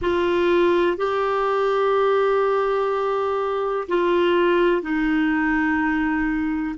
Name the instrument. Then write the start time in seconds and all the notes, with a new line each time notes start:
clarinet
0.01 F4
0.97 G4
3.88 F4
4.82 D#4